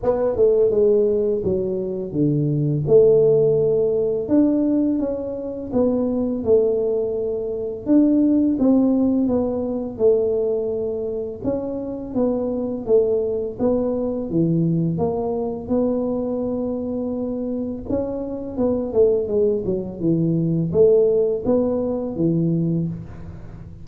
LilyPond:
\new Staff \with { instrumentName = "tuba" } { \time 4/4 \tempo 4 = 84 b8 a8 gis4 fis4 d4 | a2 d'4 cis'4 | b4 a2 d'4 | c'4 b4 a2 |
cis'4 b4 a4 b4 | e4 ais4 b2~ | b4 cis'4 b8 a8 gis8 fis8 | e4 a4 b4 e4 | }